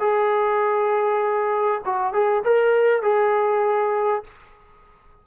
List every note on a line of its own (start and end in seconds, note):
0.00 1.82 G#4
1.85 2.13 F#4
2.13 2.44 G#4
2.45 3.02 A#4
3.02 4.24 G#4